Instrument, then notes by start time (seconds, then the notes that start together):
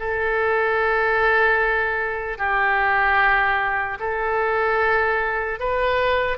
oboe
0.00 A4
2.39 G4
4.00 A4
5.60 B4